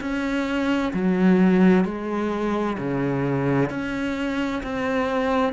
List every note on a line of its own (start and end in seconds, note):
0.00 0.92 C#4
0.93 1.84 F#3
1.84 2.77 G#3
2.78 3.70 C#3
3.70 4.62 C#4
4.63 5.53 C4